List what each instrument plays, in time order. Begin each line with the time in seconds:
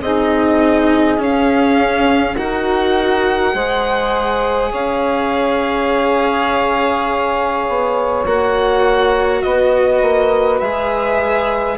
0.00 bassoon C4, cello D#4, saxophone G#4, violin D#5
1.17 cello C#4, bassoon C#4, violin F5
2.36 bassoon D#4, cello F#4, saxophone A#4, violin F#5
3.53 bassoon G#3, cello G#4, saxophone C5
4.70 bassoon C#4, saxophone C#5, violin F5
7.68 bassoon B3
8.25 bassoon A#3, cello F#4, violin F#5
9.42 bassoon B3, saxophone B4, violin D#5
10.01 bassoon A#3
10.60 bassoon G#3, cello G#4, violin E5